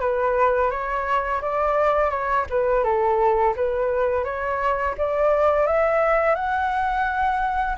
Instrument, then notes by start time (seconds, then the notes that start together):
flute
0.00 B4
0.70 C#5
1.41 D5
2.10 C#5
2.49 B4
2.83 A4
3.56 B4
4.24 C#5
4.98 D5
5.66 E5
6.35 F#5